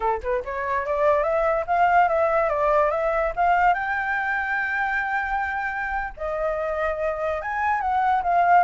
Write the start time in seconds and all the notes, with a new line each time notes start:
0.00 A4
0.23 B4
0.45 C#5
0.86 D5
1.23 E5
1.67 F5
2.08 E5
2.49 D5
2.91 E5
3.36 F5
3.73 G5
6.16 D#5
7.41 G#5
7.80 F#5
8.22 F5